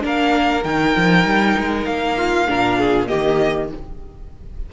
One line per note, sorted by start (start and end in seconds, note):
0.00 0.64 A#3
0.00 0.61 D4
0.00 2.16 A#4
0.06 0.63 F5
0.63 0.95 D#3
0.63 2.47 D#4
0.63 1.85 G5
0.96 1.25 F3
1.25 1.55 G3
1.57 1.86 G#3
1.85 2.48 A#3
1.85 3.07 F5
2.16 2.47 F4
2.47 3.11 A#2
2.47 3.07 D4
2.47 2.78 A#4
2.78 3.08 G#4
3.07 3.72 D#3
3.07 3.68 A#3
3.07 3.69 G4
3.07 3.68 D#5